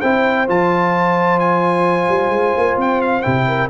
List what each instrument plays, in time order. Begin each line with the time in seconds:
0.00 tuba C4, trombone E4, horn C5, trumpet G5
0.47 tuba F3, trombone F4, trumpet A5
1.39 trumpet G#5
2.08 tuba G3
2.29 tuba G#3
2.57 tuba A#3
2.76 tuba C4, trumpet G5
3.01 trumpet F5
3.21 tuba C3, trombone E4, trumpet G5
3.46 horn A#4